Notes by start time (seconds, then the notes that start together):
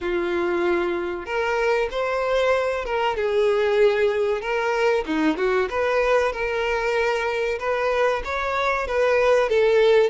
0.01 F4
1.25 A#4
1.91 C5
2.85 A#4
3.16 G#4
4.41 A#4
5.06 D#4
5.37 F#4
5.70 B4
6.32 A#4
7.59 B4
8.24 C#5
8.87 B4
9.49 A4